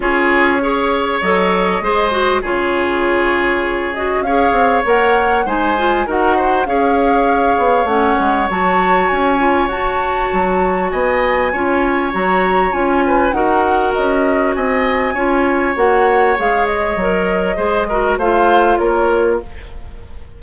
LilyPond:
<<
  \new Staff \with { instrumentName = "flute" } { \time 4/4 \tempo 4 = 99 cis''2 dis''2 | cis''2~ cis''8 dis''8 f''4 | fis''4 gis''4 fis''4 f''4~ | f''4 fis''4 a''4 gis''4 |
a''2 gis''2 | ais''4 gis''4 fis''4 dis''4 | gis''2 fis''4 f''8 dis''8~ | dis''2 f''4 cis''4 | }
  \new Staff \with { instrumentName = "oboe" } { \time 4/4 gis'4 cis''2 c''4 | gis'2. cis''4~ | cis''4 c''4 ais'8 c''8 cis''4~ | cis''1~ |
cis''2 dis''4 cis''4~ | cis''4. b'8 ais'2 | dis''4 cis''2.~ | cis''4 c''8 ais'8 c''4 ais'4 | }
  \new Staff \with { instrumentName = "clarinet" } { \time 4/4 f'4 gis'4 a'4 gis'8 fis'8 | f'2~ f'8 fis'8 gis'4 | ais'4 dis'8 f'8 fis'4 gis'4~ | gis'4 cis'4 fis'4. f'8 |
fis'2. f'4 | fis'4 f'4 fis'2~ | fis'4 f'4 fis'4 gis'4 | ais'4 gis'8 fis'8 f'2 | }
  \new Staff \with { instrumentName = "bassoon" } { \time 4/4 cis'2 fis4 gis4 | cis2. cis'8 c'8 | ais4 gis4 dis'4 cis'4~ | cis'8 b8 a8 gis8 fis4 cis'4 |
fis'4 fis4 b4 cis'4 | fis4 cis'4 dis'4 cis'4 | c'4 cis'4 ais4 gis4 | fis4 gis4 a4 ais4 | }
>>